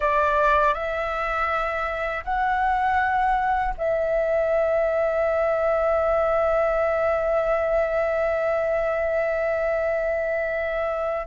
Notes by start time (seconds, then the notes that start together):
0.00 D5
0.74 E5
2.24 F#5
3.77 E5